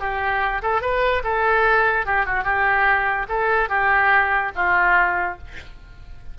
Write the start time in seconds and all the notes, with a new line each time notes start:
0.00 G4
0.63 A4
0.82 B4
1.24 A4
2.06 G4
2.26 F#4
2.44 G4
3.29 A4
3.69 G4
4.56 F4